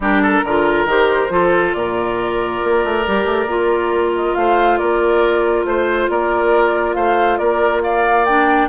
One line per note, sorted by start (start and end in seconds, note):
0.00 0.41 G3
0.00 0.45 D4
0.00 0.22 G4
0.00 0.89 A#4
0.22 0.44 A4
0.43 0.85 D3
0.43 0.88 F4
0.43 1.32 A#4
0.85 1.28 D#3
0.85 1.29 G4
0.85 1.73 C5
1.29 1.73 F3
1.29 3.03 F4
1.29 1.76 A4
1.73 2.60 A#2
1.73 4.38 A#4
1.73 4.12 D5
2.63 2.84 A#3
2.84 3.05 A3
3.06 3.24 G3
3.06 3.48 G4
3.24 3.45 A3
3.45 4.32 A#3
3.45 8.26 F4
4.15 4.34 D#5
4.34 4.79 A3
4.34 4.79 C5
4.34 4.77 F5
4.77 5.64 A#3
4.77 5.66 A#4
4.77 5.64 D5
5.64 6.08 A3
5.64 6.09 C5
5.64 6.10 C5
6.09 6.95 A#3
6.09 6.95 A#4
6.09 6.94 D5
6.94 7.39 A3
6.94 7.38 C5
6.94 7.37 F5
7.37 8.68 A#3
7.37 7.82 A#4
7.37 7.81 D5
7.82 8.68 D5
7.82 8.25 F5
8.25 8.68 D4
8.25 8.68 G5